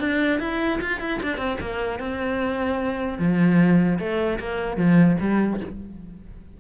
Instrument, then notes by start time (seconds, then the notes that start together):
cello
0.00 D4
0.40 E4
0.81 F4
1.00 E4
1.23 D4
1.38 C4
1.60 A#3
2.00 C4
3.19 F3
3.99 A3
4.39 A#3
4.77 F3
5.21 G3